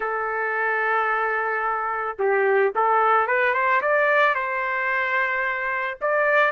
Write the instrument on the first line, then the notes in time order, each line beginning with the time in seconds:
trumpet
0.00 A4
2.18 G4
2.75 A4
3.27 B4
3.53 C5
3.81 D5
4.34 C5
6.01 D5